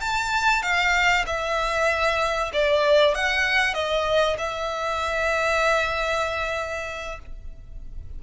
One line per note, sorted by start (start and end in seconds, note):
0.00 0.62 A5
0.62 1.25 F5
1.26 2.51 E5
2.53 3.14 D5
3.14 3.74 F#5
3.74 4.36 D#5
4.38 7.19 E5